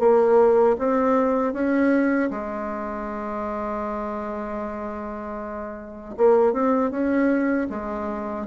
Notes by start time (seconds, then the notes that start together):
0.00 A#3
0.79 C4
1.53 C#4
2.31 G#3
6.18 A#3
6.53 C4
6.91 C#4
7.70 G#3